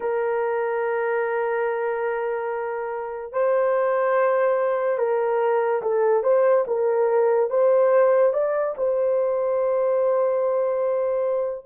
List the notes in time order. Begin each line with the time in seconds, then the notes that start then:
0.00 A#4
3.32 C5
4.98 A#4
5.81 A4
6.23 C5
6.67 A#4
7.50 C5
8.33 D5
8.77 C5